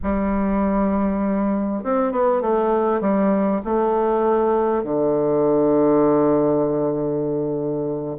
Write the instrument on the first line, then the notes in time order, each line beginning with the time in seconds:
bassoon
0.02 G3
1.83 C4
2.12 B3
2.41 A3
3.00 G3
3.64 A3
4.83 D3